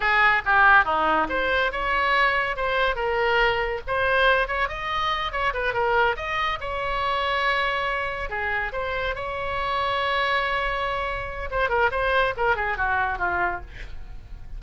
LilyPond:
\new Staff \with { instrumentName = "oboe" } { \time 4/4 \tempo 4 = 141 gis'4 g'4 dis'4 c''4 | cis''2 c''4 ais'4~ | ais'4 c''4. cis''8 dis''4~ | dis''8 cis''8 b'8 ais'4 dis''4 cis''8~ |
cis''2.~ cis''8 gis'8~ | gis'8 c''4 cis''2~ cis''8~ | cis''2. c''8 ais'8 | c''4 ais'8 gis'8 fis'4 f'4 | }